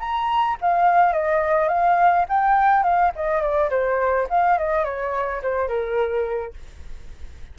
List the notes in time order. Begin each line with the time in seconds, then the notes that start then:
0.00 A#5
0.62 F5
1.13 D#5
1.69 F5
2.29 G5
2.84 F5
3.16 D#5
3.42 D5
3.70 C5
4.30 F5
4.58 D#5
4.85 C#5
5.43 C5
5.69 A#4